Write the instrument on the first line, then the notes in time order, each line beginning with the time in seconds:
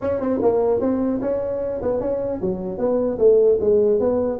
tuba
0.01 C#4
0.20 C4
0.42 A#3
0.80 C4
1.21 C#4
1.81 B3
2.00 C#4
2.41 F#3
2.78 B3
3.18 A3
3.60 G#3
3.99 B3